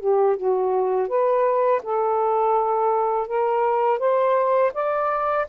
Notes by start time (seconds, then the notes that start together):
0.00 G4
0.37 F#4
1.08 B4
1.83 A4
3.28 A#4
3.99 C5
4.74 D5